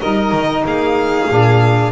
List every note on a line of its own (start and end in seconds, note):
0.00 0.32 G3
0.00 1.29 D#4
0.00 0.64 A#4
0.00 0.65 D#5
0.32 0.64 D#3
0.65 1.29 A#3
0.65 1.92 G#4
0.65 1.92 F5
1.29 1.92 A#2
1.29 1.92 D4